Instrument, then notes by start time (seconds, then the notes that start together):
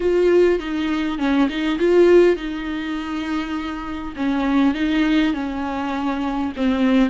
viola
0.00 F4
0.59 D#4
1.18 C#4
1.49 D#4
1.78 F4
2.36 D#4
4.16 C#4
4.74 D#4
5.33 C#4
6.56 C4